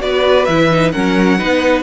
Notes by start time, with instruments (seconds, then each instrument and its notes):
0.00 cello B3, viola F#4, violin B4 D5
0.45 cello E3, viola E4, violin E5
0.70 viola D#4
0.92 cello F#3, viola C#4, violin A#4 F#5
1.38 cello B3, viola D#4, violin B4